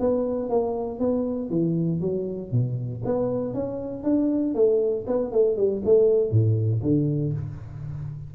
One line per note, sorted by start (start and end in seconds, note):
0.00 0.49 B3
0.49 1.00 A#3
1.00 1.50 B3
1.50 2.01 E3
2.01 2.51 F#3
2.52 3.03 B2
3.05 3.54 B3
3.54 4.04 C#4
4.04 4.55 D4
4.55 5.05 A3
5.07 5.32 B3
5.32 5.57 A3
5.57 5.82 G3
5.85 6.31 A3
6.31 6.82 A2
6.82 7.33 D3